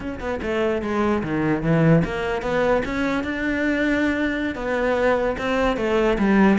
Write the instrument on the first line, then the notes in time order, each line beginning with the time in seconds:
cello
0.00 C#4
0.20 B3
0.42 A3
0.82 G#3
1.23 D#3
1.62 E3
2.04 A#3
2.42 B3
2.85 C#4
3.23 D4
4.55 B3
5.37 C4
5.77 A3
6.18 G3